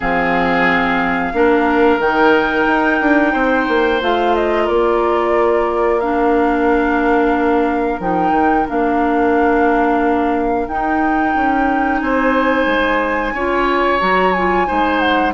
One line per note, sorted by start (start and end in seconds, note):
0.00 1.33 F3
0.00 1.33 C4
0.00 1.32 G#4
0.00 2.00 F5
1.33 1.98 A#3
1.33 2.00 D4
1.33 3.32 A#4
1.98 2.65 D#3
1.98 4.00 D#4
1.98 4.00 G5
2.67 3.00 D#4
3.01 3.34 D4
3.32 3.67 C4
3.32 4.63 C5
3.67 4.01 A#3
4.00 4.68 A3
4.00 6.00 F4
4.00 4.35 F5
4.35 4.67 D#5
4.63 7.99 A#3
4.63 11.96 A#4
4.63 6.00 D5
6.00 8.01 D4
6.00 8.00 F5
7.99 8.30 F3
7.99 8.67 D#4
7.99 8.67 G5
8.30 8.63 D#3
8.67 10.67 A#3
8.67 10.67 D4
8.67 10.68 F5
10.67 11.34 D#4
10.67 13.35 D#4
10.67 11.99 G5
11.35 12.01 C#4
11.99 12.66 C4
11.99 13.34 C5
11.99 13.99 G#5
12.66 13.32 G#3
13.32 13.99 C#4
13.32 13.99 F4
13.32 14.67 C#5
13.99 14.67 F#3
13.99 14.32 F#4
13.99 14.32 A#5
14.32 14.66 F4
14.32 14.99 G#5
14.66 15.34 G#3
14.66 15.33 D#4
14.66 15.34 C5
14.99 15.32 F#5